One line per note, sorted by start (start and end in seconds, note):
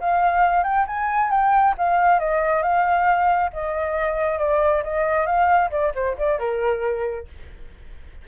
0.00 0.64 F5
0.64 0.86 G5
0.87 1.31 G#5
1.31 1.75 G5
1.78 2.19 F5
2.19 2.63 D#5
2.63 3.51 F5
3.53 4.39 D#5
4.39 4.83 D5
4.83 5.26 D#5
5.26 5.70 F5
5.71 5.93 D5
5.95 6.17 C5
6.18 6.39 D5
6.39 7.27 A#4